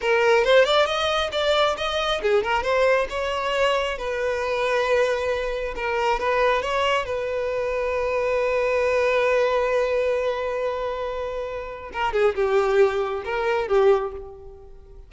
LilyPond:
\new Staff \with { instrumentName = "violin" } { \time 4/4 \tempo 4 = 136 ais'4 c''8 d''8 dis''4 d''4 | dis''4 gis'8 ais'8 c''4 cis''4~ | cis''4 b'2.~ | b'4 ais'4 b'4 cis''4 |
b'1~ | b'1~ | b'2. ais'8 gis'8 | g'2 ais'4 g'4 | }